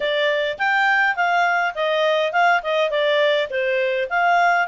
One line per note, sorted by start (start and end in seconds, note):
0.00 0.57 D5
0.58 1.15 G5
1.15 1.74 F5
1.74 2.32 D#5
2.32 2.61 F5
2.62 2.90 D#5
2.90 3.48 D5
3.50 4.08 C5
4.09 4.67 F5